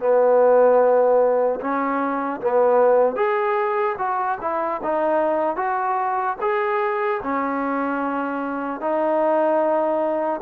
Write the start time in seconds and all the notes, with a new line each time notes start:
0.00 B3
1.61 C#4
2.41 B3
3.16 G#4
3.99 F#4
4.41 E4
4.83 D#4
5.57 F#4
6.41 G#4
7.23 C#4
8.81 D#4